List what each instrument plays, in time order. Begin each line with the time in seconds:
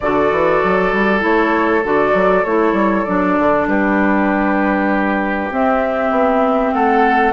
0.00 bassoon D3, clarinet F#4, oboe A4, flute D5
0.31 bassoon E3
0.63 bassoon F#3
0.92 bassoon G3
1.19 bassoon A3, clarinet E4, flute C#5
1.83 bassoon D3, clarinet F#4, flute D5
2.13 bassoon F#3
2.44 bassoon A3, clarinet E4, flute C#5
2.73 bassoon G3
3.04 bassoon F#3, clarinet D4, flute D5
3.38 bassoon D3
3.67 bassoon G3, oboe G4, flute B4
5.51 clarinet C4, bassoon C4, flute E5
6.10 bassoon B3
6.73 bassoon A3, oboe A4, flute F#5